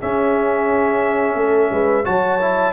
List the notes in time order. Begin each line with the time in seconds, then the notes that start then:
0.00 C#4 G#4 E5
1.35 A3 A4
1.71 G#3 B4
2.04 F#3 F#4 C#5 A5
2.41 E4